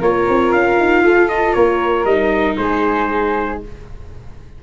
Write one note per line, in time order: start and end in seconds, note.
0.00 0.26 A#3
0.00 2.07 F4
0.00 1.03 A#4
0.00 0.52 C#5
0.29 0.53 C4
0.52 0.79 C#4
0.52 1.29 F5
0.79 1.02 D#4
1.02 1.53 F4
1.02 1.55 A4
1.29 1.54 D#5
1.54 2.05 A#3
1.54 2.58 A#4
1.54 2.05 C#5
2.05 2.56 G3
2.05 3.62 D#4
2.05 2.56 D#5
2.57 3.61 G#3
2.57 3.63 G#4
2.57 3.60 C5